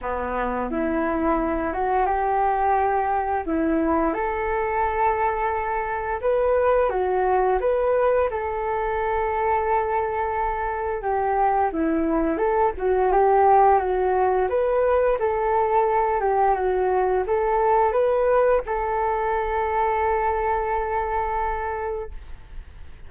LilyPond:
\new Staff \with { instrumentName = "flute" } { \time 4/4 \tempo 4 = 87 b4 e'4. fis'8 g'4~ | g'4 e'4 a'2~ | a'4 b'4 fis'4 b'4 | a'1 |
g'4 e'4 a'8 fis'8 g'4 | fis'4 b'4 a'4. g'8 | fis'4 a'4 b'4 a'4~ | a'1 | }